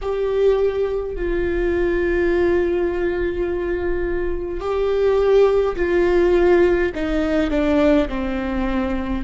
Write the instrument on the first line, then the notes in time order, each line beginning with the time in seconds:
viola
0.01 G4
1.15 F4
4.60 G4
5.76 F4
6.94 D#4
7.50 D4
8.08 C4